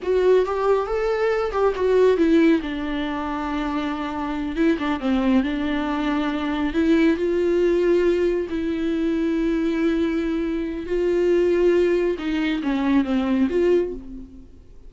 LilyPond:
\new Staff \with { instrumentName = "viola" } { \time 4/4 \tempo 4 = 138 fis'4 g'4 a'4. g'8 | fis'4 e'4 d'2~ | d'2~ d'8 e'8 d'8 c'8~ | c'8 d'2. e'8~ |
e'8 f'2. e'8~ | e'1~ | e'4 f'2. | dis'4 cis'4 c'4 f'4 | }